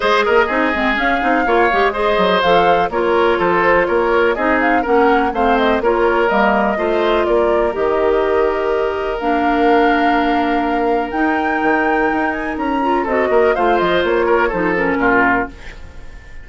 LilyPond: <<
  \new Staff \with { instrumentName = "flute" } { \time 4/4 \tempo 4 = 124 dis''2 f''2 | dis''4 f''4 cis''4 c''4 | cis''4 dis''8 f''8 fis''4 f''8 dis''8 | cis''4 dis''2 d''4 |
dis''2. f''4~ | f''2. g''4~ | g''4. gis''8 ais''4 dis''4 | f''8 dis''8 cis''4 c''8 ais'4. | }
  \new Staff \with { instrumentName = "oboe" } { \time 4/4 c''8 ais'8 gis'2 cis''4 | c''2 ais'4 a'4 | ais'4 gis'4 ais'4 c''4 | ais'2 c''4 ais'4~ |
ais'1~ | ais'1~ | ais'2. a'8 ais'8 | c''4. ais'8 a'4 f'4 | }
  \new Staff \with { instrumentName = "clarinet" } { \time 4/4 gis'4 dis'8 c'8 cis'8 dis'8 f'8 g'8 | gis'4 a'4 f'2~ | f'4 dis'4 cis'4 c'4 | f'4 ais4 f'2 |
g'2. d'4~ | d'2. dis'4~ | dis'2~ dis'8 f'8 fis'4 | f'2 dis'8 cis'4. | }
  \new Staff \with { instrumentName = "bassoon" } { \time 4/4 gis8 ais8 c'8 gis8 cis'8 c'8 ais8 gis8~ | gis8 fis8 f4 ais4 f4 | ais4 c'4 ais4 a4 | ais4 g4 a4 ais4 |
dis2. ais4~ | ais2. dis'4 | dis4 dis'4 cis'4 c'8 ais8 | a8 f8 ais4 f4 ais,4 | }
>>